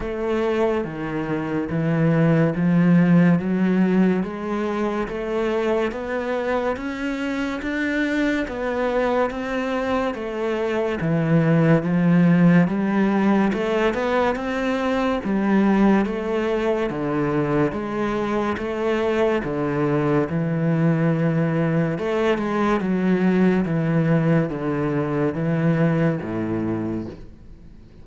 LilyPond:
\new Staff \with { instrumentName = "cello" } { \time 4/4 \tempo 4 = 71 a4 dis4 e4 f4 | fis4 gis4 a4 b4 | cis'4 d'4 b4 c'4 | a4 e4 f4 g4 |
a8 b8 c'4 g4 a4 | d4 gis4 a4 d4 | e2 a8 gis8 fis4 | e4 d4 e4 a,4 | }